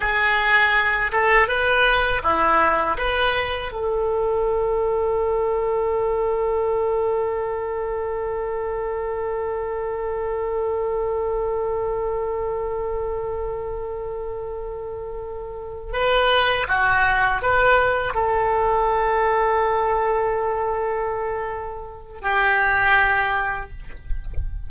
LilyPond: \new Staff \with { instrumentName = "oboe" } { \time 4/4 \tempo 4 = 81 gis'4. a'8 b'4 e'4 | b'4 a'2.~ | a'1~ | a'1~ |
a'1~ | a'4. b'4 fis'4 b'8~ | b'8 a'2.~ a'8~ | a'2 g'2 | }